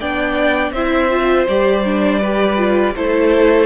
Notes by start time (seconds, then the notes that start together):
0.00 B3 D4 D5 G5
0.71 C4 E4 C5 E5
1.10 F4
1.48 G3 G4 D5
1.85 D4
2.19 G4 B4
2.57 F4
2.96 A3 E4 A4 C5